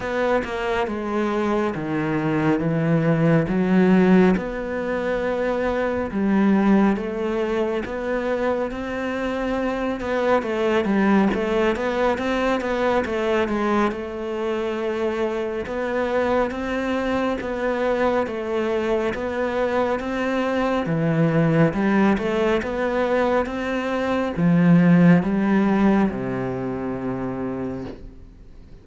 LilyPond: \new Staff \with { instrumentName = "cello" } { \time 4/4 \tempo 4 = 69 b8 ais8 gis4 dis4 e4 | fis4 b2 g4 | a4 b4 c'4. b8 | a8 g8 a8 b8 c'8 b8 a8 gis8 |
a2 b4 c'4 | b4 a4 b4 c'4 | e4 g8 a8 b4 c'4 | f4 g4 c2 | }